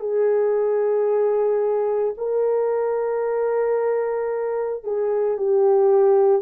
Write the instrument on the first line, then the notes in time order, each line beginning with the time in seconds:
horn
0.00 G#4
2.18 A#4
4.84 G#4
5.38 G4